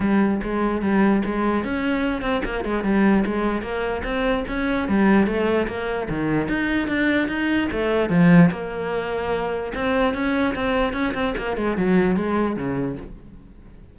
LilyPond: \new Staff \with { instrumentName = "cello" } { \time 4/4 \tempo 4 = 148 g4 gis4 g4 gis4 | cis'4. c'8 ais8 gis8 g4 | gis4 ais4 c'4 cis'4 | g4 a4 ais4 dis4 |
dis'4 d'4 dis'4 a4 | f4 ais2. | c'4 cis'4 c'4 cis'8 c'8 | ais8 gis8 fis4 gis4 cis4 | }